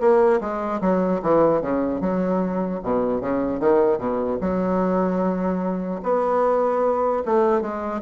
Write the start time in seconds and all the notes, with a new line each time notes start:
0.00 A#3
0.40 G#3
0.81 F#3
1.22 E3
1.61 C#3
2.01 F#3
2.83 B2
3.21 C#3
3.60 D#3
3.98 B2
4.41 F#3
6.03 B3
7.25 A3
7.61 G#3